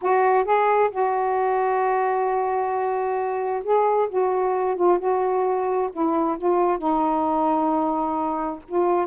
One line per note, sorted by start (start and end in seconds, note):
0.01 0.44 F#4
0.44 0.90 G#4
0.90 3.63 F#4
3.63 4.08 G#4
4.09 4.76 F#4
4.76 4.99 F4
4.99 5.89 F#4
5.92 6.37 E4
6.38 6.78 F4
6.78 8.60 D#4
8.68 9.06 F4